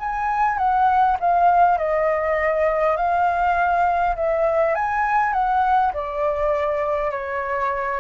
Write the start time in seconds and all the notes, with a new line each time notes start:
0.00 G#5
0.58 F#5
1.20 F5
1.78 D#5
2.97 F5
4.16 E5
4.75 G#5
5.33 F#5
5.94 D5
7.12 C#5